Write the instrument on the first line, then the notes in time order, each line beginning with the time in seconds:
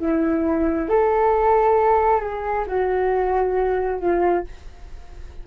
flute
0.00 E4
0.89 A4
2.21 G#4
2.67 F#4
4.00 F4